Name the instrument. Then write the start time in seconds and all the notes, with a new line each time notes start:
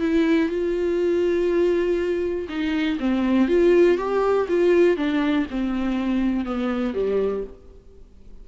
viola
0.00 E4
0.49 F4
2.49 D#4
2.99 C4
3.48 F4
3.97 G4
4.48 F4
4.97 D4
5.50 C4
6.45 B3
6.94 G3